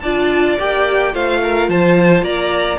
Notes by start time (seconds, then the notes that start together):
0.00 D4 F4 D5 A5
0.58 A#3 G4 G5
1.12 A3 F4 C5 F5
1.43 A#4
1.69 F3 C5 A5
2.22 A#3 D5 A#5